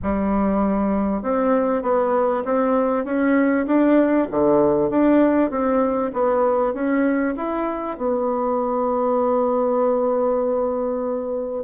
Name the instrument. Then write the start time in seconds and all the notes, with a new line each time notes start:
bassoon
0.02 G3
1.22 C4
1.82 B3
2.44 C4
3.04 C#4
3.66 D4
4.31 D3
4.90 D4
5.50 C4
6.13 B3
6.73 C#4
7.36 E4
7.97 B3